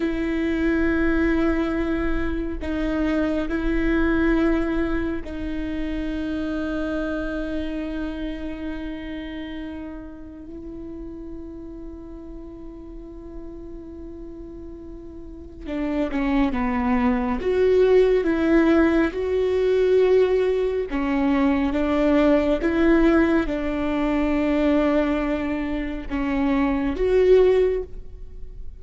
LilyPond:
\new Staff \with { instrumentName = "viola" } { \time 4/4 \tempo 4 = 69 e'2. dis'4 | e'2 dis'2~ | dis'1 | e'1~ |
e'2 d'8 cis'8 b4 | fis'4 e'4 fis'2 | cis'4 d'4 e'4 d'4~ | d'2 cis'4 fis'4 | }